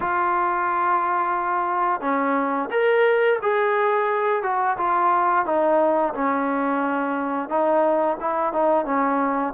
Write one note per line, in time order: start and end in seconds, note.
0.00 2.01 F4
2.01 2.69 C#4
2.71 3.39 A#4
3.42 4.43 G#4
4.43 4.77 F#4
4.77 5.45 F4
5.45 6.13 D#4
6.14 7.49 C#4
7.49 8.17 D#4
8.20 8.52 E4
8.52 8.85 D#4
8.85 9.53 C#4